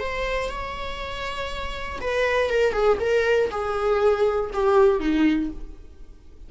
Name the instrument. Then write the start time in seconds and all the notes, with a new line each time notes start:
viola
0.00 C5
0.50 C#5
2.01 B4
2.50 A#4
2.73 G#4
3.00 A#4
3.51 G#4
4.53 G4
5.00 D#4